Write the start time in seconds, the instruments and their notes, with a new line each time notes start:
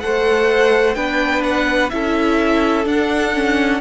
0.00 cello A3, viola A4, violin C5 F#5
0.95 cello B3, viola D4, violin B4 G5
1.44 violin F#5
1.90 cello C#4, viola E4, violin A4 E5
2.85 viola D4, cello D4, violin F#5
3.34 viola C#4